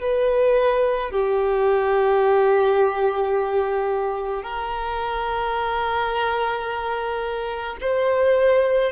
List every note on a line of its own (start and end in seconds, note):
0.00 1.11 B4
1.11 4.43 G4
4.43 7.76 A#4
7.81 8.91 C5